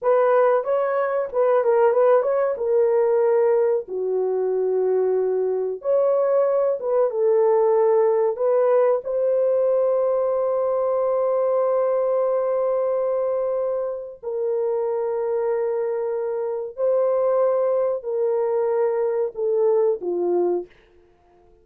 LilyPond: \new Staff \with { instrumentName = "horn" } { \time 4/4 \tempo 4 = 93 b'4 cis''4 b'8 ais'8 b'8 cis''8 | ais'2 fis'2~ | fis'4 cis''4. b'8 a'4~ | a'4 b'4 c''2~ |
c''1~ | c''2 ais'2~ | ais'2 c''2 | ais'2 a'4 f'4 | }